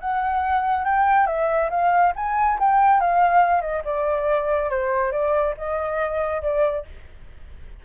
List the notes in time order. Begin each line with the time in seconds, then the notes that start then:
0.00 F#5
0.85 G5
1.27 E5
1.70 F5
2.16 G#5
2.59 G5
3.00 F5
3.61 D#5
3.85 D5
4.70 C5
5.12 D5
5.57 D#5
6.42 D5